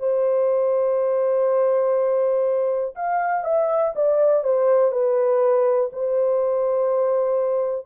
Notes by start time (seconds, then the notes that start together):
0.00 C5
2.96 F5
3.45 E5
3.96 D5
4.44 C5
4.92 B4
5.93 C5